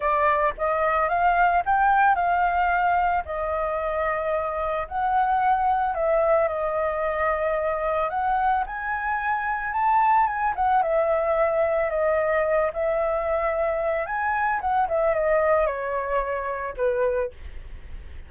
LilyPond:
\new Staff \with { instrumentName = "flute" } { \time 4/4 \tempo 4 = 111 d''4 dis''4 f''4 g''4 | f''2 dis''2~ | dis''4 fis''2 e''4 | dis''2. fis''4 |
gis''2 a''4 gis''8 fis''8 | e''2 dis''4. e''8~ | e''2 gis''4 fis''8 e''8 | dis''4 cis''2 b'4 | }